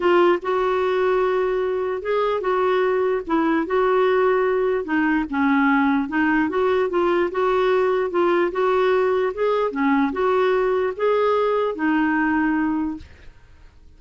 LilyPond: \new Staff \with { instrumentName = "clarinet" } { \time 4/4 \tempo 4 = 148 f'4 fis'2.~ | fis'4 gis'4 fis'2 | e'4 fis'2. | dis'4 cis'2 dis'4 |
fis'4 f'4 fis'2 | f'4 fis'2 gis'4 | cis'4 fis'2 gis'4~ | gis'4 dis'2. | }